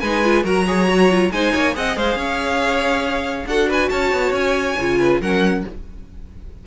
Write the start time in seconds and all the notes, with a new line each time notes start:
0.00 G#3 D#4 B4 G#5
0.24 F4
0.44 F#3 F#4 A#4 A#5
0.67 G#4 C#5
0.88 F#4
1.11 F4
1.31 G#3 D#4 C5 G#5
1.53 A#3 C#5
1.73 C4 G#4 D#5 F#5
1.96 G#3 C5 F5
2.15 C#4 C#5
3.46 D4 F#4 A4 F#5
3.68 B4 G#5
3.89 C#4 C#5 A5
4.12 B3
4.32 C#4 G#5
4.79 C#3 F4
4.99 B4
5.21 F#3 C#4 A#4 F#5